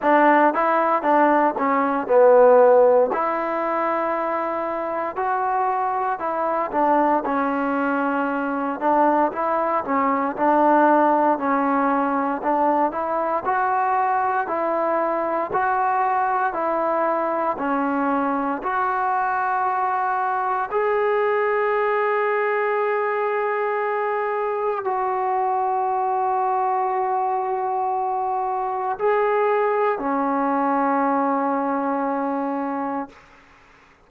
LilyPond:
\new Staff \with { instrumentName = "trombone" } { \time 4/4 \tempo 4 = 58 d'8 e'8 d'8 cis'8 b4 e'4~ | e'4 fis'4 e'8 d'8 cis'4~ | cis'8 d'8 e'8 cis'8 d'4 cis'4 | d'8 e'8 fis'4 e'4 fis'4 |
e'4 cis'4 fis'2 | gis'1 | fis'1 | gis'4 cis'2. | }